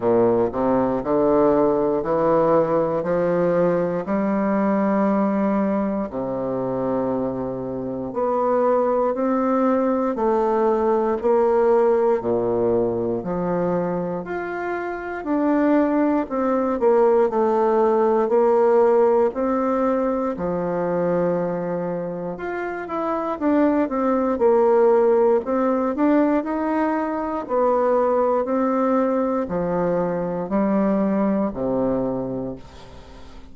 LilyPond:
\new Staff \with { instrumentName = "bassoon" } { \time 4/4 \tempo 4 = 59 ais,8 c8 d4 e4 f4 | g2 c2 | b4 c'4 a4 ais4 | ais,4 f4 f'4 d'4 |
c'8 ais8 a4 ais4 c'4 | f2 f'8 e'8 d'8 c'8 | ais4 c'8 d'8 dis'4 b4 | c'4 f4 g4 c4 | }